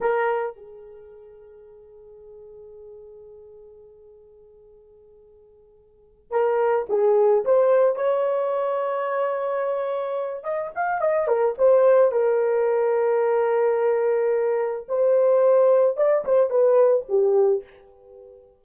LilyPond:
\new Staff \with { instrumentName = "horn" } { \time 4/4 \tempo 4 = 109 ais'4 gis'2.~ | gis'1~ | gis'2.~ gis'8 ais'8~ | ais'8 gis'4 c''4 cis''4.~ |
cis''2. dis''8 f''8 | dis''8 ais'8 c''4 ais'2~ | ais'2. c''4~ | c''4 d''8 c''8 b'4 g'4 | }